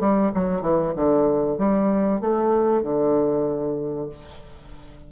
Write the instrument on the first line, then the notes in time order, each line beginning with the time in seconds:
bassoon
0.00 G3
0.34 F#3
0.62 E3
0.96 D3
1.58 G3
2.21 A3
2.83 D3